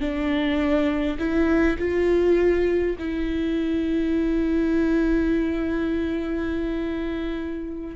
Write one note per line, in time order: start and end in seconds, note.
0.00 1.18 D4
1.18 1.77 E4
1.78 2.96 F4
2.98 7.96 E4